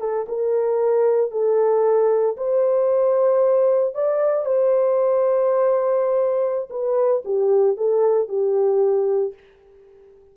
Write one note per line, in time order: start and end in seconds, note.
0.00 0.26 A4
0.28 1.31 A#4
1.31 2.36 A4
2.37 3.94 C5
3.94 4.45 D5
4.45 6.69 C5
6.70 7.22 B4
7.24 7.77 G4
7.77 8.28 A4
8.28 9.33 G4